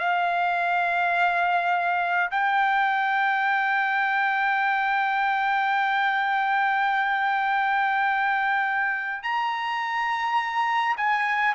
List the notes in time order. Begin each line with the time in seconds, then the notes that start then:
0.00 F5
2.31 G5
9.23 A#5
10.97 G#5